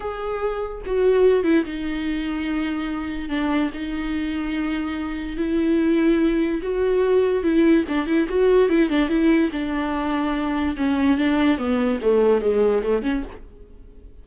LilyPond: \new Staff \with { instrumentName = "viola" } { \time 4/4 \tempo 4 = 145 gis'2 fis'4. e'8 | dis'1 | d'4 dis'2.~ | dis'4 e'2. |
fis'2 e'4 d'8 e'8 | fis'4 e'8 d'8 e'4 d'4~ | d'2 cis'4 d'4 | b4 a4 gis4 a8 cis'8 | }